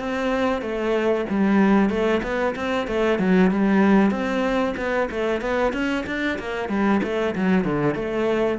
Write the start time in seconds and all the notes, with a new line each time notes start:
0.00 C4
0.62 A3
1.30 G3
1.90 A3
2.23 B3
2.56 C4
2.88 A3
3.19 F#3
3.51 G3
4.11 C4
4.77 B3
5.11 A3
5.41 B3
5.73 C#4
6.07 D4
6.39 A#3
6.69 G3
7.03 A3
7.35 F#3
7.65 D3
7.95 A3